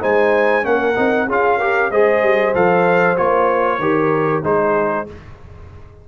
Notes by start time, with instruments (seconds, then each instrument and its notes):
0.00 tuba G#3, trombone D#4, horn C5, trumpet G#5
0.62 tuba A#3, trombone C#4, horn A#4, trumpet F#5
0.96 tuba C4, trombone D#4
1.26 tuba C#4, trombone F4, horn G#4, trumpet F5
1.58 trombone G4, horn A#4
1.91 tuba G#3, trombone G#4, horn C5, trumpet D#5
2.22 tuba G3
2.54 tuba F3, trombone A4, trumpet F5
3.16 tuba A#3, trombone F4, trumpet C#5
3.78 tuba D#3, trombone G4, horn A#4
4.43 tuba G#3, trombone D#4, horn G#4, trumpet C5